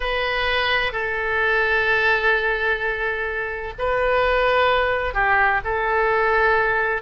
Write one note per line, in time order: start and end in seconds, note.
0.00 0.92 B4
0.92 3.73 A4
3.78 5.13 B4
5.13 5.60 G4
5.64 7.02 A4